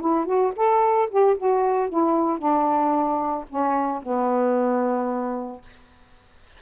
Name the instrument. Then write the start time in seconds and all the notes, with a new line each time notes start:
saxophone
0.00 E4
0.25 F#4
0.56 A4
1.10 G4
1.37 F#4
1.89 E4
2.38 D4
3.49 C#4
4.02 B3